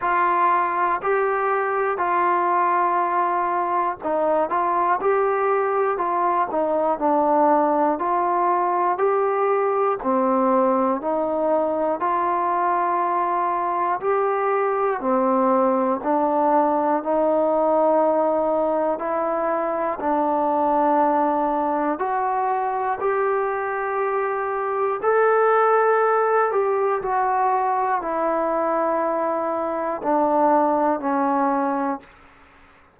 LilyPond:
\new Staff \with { instrumentName = "trombone" } { \time 4/4 \tempo 4 = 60 f'4 g'4 f'2 | dis'8 f'8 g'4 f'8 dis'8 d'4 | f'4 g'4 c'4 dis'4 | f'2 g'4 c'4 |
d'4 dis'2 e'4 | d'2 fis'4 g'4~ | g'4 a'4. g'8 fis'4 | e'2 d'4 cis'4 | }